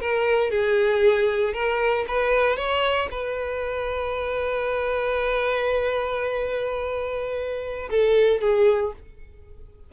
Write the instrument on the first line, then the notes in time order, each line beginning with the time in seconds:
violin
0.00 A#4
0.51 G#4
1.53 A#4
2.08 B4
2.56 C#5
3.11 B4
7.90 A4
8.41 G#4